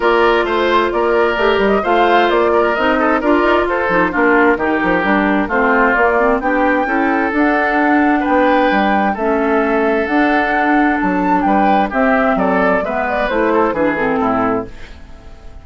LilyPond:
<<
  \new Staff \with { instrumentName = "flute" } { \time 4/4 \tempo 4 = 131 d''4 c''4 d''4. dis''8 | f''4 d''4 dis''4 d''4 | c''4 ais'2. | c''4 d''4 g''2 |
fis''2 g''2 | e''2 fis''2 | a''4 g''4 e''4 d''4 | e''8 d''8 c''4 b'8 a'4. | }
  \new Staff \with { instrumentName = "oboe" } { \time 4/4 ais'4 c''4 ais'2 | c''4. ais'4 a'8 ais'4 | a'4 f'4 g'2 | f'2 g'4 a'4~ |
a'2 b'2 | a'1~ | a'4 b'4 g'4 a'4 | b'4. a'8 gis'4 e'4 | }
  \new Staff \with { instrumentName = "clarinet" } { \time 4/4 f'2. g'4 | f'2 dis'4 f'4~ | f'8 dis'8 d'4 dis'4 d'4 | c'4 ais8 c'8 d'4 e'4 |
d'1 | cis'2 d'2~ | d'2 c'2 | b4 e'4 d'8 c'4. | }
  \new Staff \with { instrumentName = "bassoon" } { \time 4/4 ais4 a4 ais4 a8 g8 | a4 ais4 c'4 d'8 dis'8 | f'8 f8 ais4 dis8 f8 g4 | a4 ais4 b4 cis'4 |
d'2 b4 g4 | a2 d'2 | fis4 g4 c'4 fis4 | gis4 a4 e4 a,4 | }
>>